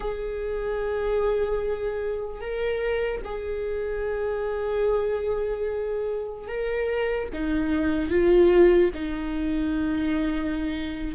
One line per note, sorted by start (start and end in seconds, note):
0.00 2.40 G#4
2.40 3.21 A#4
3.24 6.47 G#4
6.47 7.28 A#4
7.33 8.09 D#4
8.09 8.90 F4
8.94 11.15 D#4